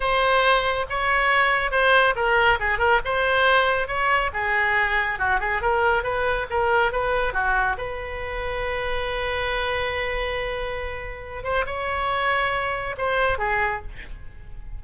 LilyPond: \new Staff \with { instrumentName = "oboe" } { \time 4/4 \tempo 4 = 139 c''2 cis''2 | c''4 ais'4 gis'8 ais'8 c''4~ | c''4 cis''4 gis'2 | fis'8 gis'8 ais'4 b'4 ais'4 |
b'4 fis'4 b'2~ | b'1~ | b'2~ b'8 c''8 cis''4~ | cis''2 c''4 gis'4 | }